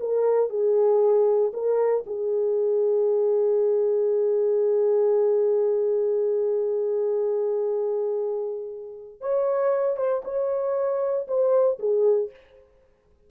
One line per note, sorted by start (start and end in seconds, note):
0.00 0.50 A#4
0.50 1.52 G#4
1.53 2.04 A#4
2.06 9.21 G#4
9.21 9.97 C#5
9.97 10.22 C5
10.24 11.27 C#5
11.28 11.79 C5
11.79 12.31 G#4